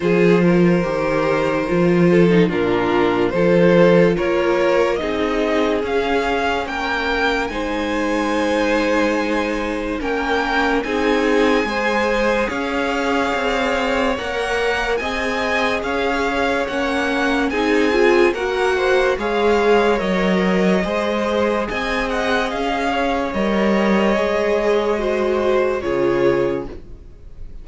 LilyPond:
<<
  \new Staff \with { instrumentName = "violin" } { \time 4/4 \tempo 4 = 72 c''2. ais'4 | c''4 cis''4 dis''4 f''4 | g''4 gis''2. | g''4 gis''2 f''4~ |
f''4 fis''4 gis''4 f''4 | fis''4 gis''4 fis''4 f''4 | dis''2 gis''8 fis''8 f''4 | dis''2. cis''4 | }
  \new Staff \with { instrumentName = "violin" } { \time 4/4 gis'8 ais'2 a'8 f'4 | a'4 ais'4 gis'2 | ais'4 c''2. | ais'4 gis'4 c''4 cis''4~ |
cis''2 dis''4 cis''4~ | cis''4 gis'4 ais'8 c''8 cis''4~ | cis''4 c''4 dis''4. cis''8~ | cis''2 c''4 gis'4 | }
  \new Staff \with { instrumentName = "viola" } { \time 4/4 f'4 g'4 f'8. dis'16 d'4 | f'2 dis'4 cis'4~ | cis'4 dis'2. | cis'4 dis'4 gis'2~ |
gis'4 ais'4 gis'2 | cis'4 dis'8 f'8 fis'4 gis'4 | ais'4 gis'2. | ais'4 gis'4 fis'4 f'4 | }
  \new Staff \with { instrumentName = "cello" } { \time 4/4 f4 dis4 f4 ais,4 | f4 ais4 c'4 cis'4 | ais4 gis2. | ais4 c'4 gis4 cis'4 |
c'4 ais4 c'4 cis'4 | ais4 c'4 ais4 gis4 | fis4 gis4 c'4 cis'4 | g4 gis2 cis4 | }
>>